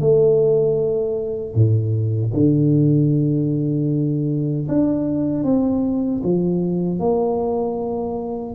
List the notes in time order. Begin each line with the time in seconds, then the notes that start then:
0.00 A3
1.54 A2
2.33 D3
4.68 D4
5.43 C4
6.23 F3
6.99 A#3